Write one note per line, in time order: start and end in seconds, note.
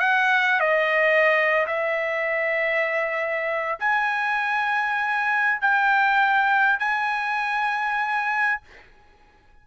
0.00 0.60 F#5
0.60 1.66 D#5
1.67 3.79 E5
3.80 5.61 G#5
5.61 6.79 G5
6.79 8.61 G#5